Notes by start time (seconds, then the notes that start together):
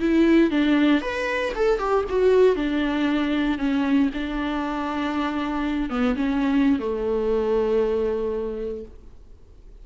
0.00 E4
0.51 D4
1.02 B4
1.55 A4
1.79 G4
2.09 F#4
2.56 D4
3.59 C#4
4.14 D4
5.90 B3
6.16 C#4
6.80 A3